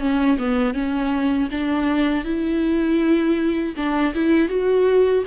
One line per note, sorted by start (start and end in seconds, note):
0.00 0.38 C#4
0.38 0.74 B3
0.74 1.49 C#4
1.51 2.25 D4
2.25 3.75 E4
3.76 4.14 D4
4.15 4.49 E4
4.49 5.24 F#4